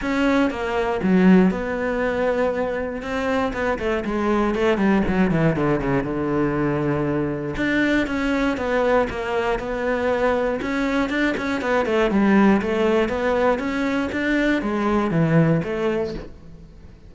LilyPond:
\new Staff \with { instrumentName = "cello" } { \time 4/4 \tempo 4 = 119 cis'4 ais4 fis4 b4~ | b2 c'4 b8 a8 | gis4 a8 g8 fis8 e8 d8 cis8 | d2. d'4 |
cis'4 b4 ais4 b4~ | b4 cis'4 d'8 cis'8 b8 a8 | g4 a4 b4 cis'4 | d'4 gis4 e4 a4 | }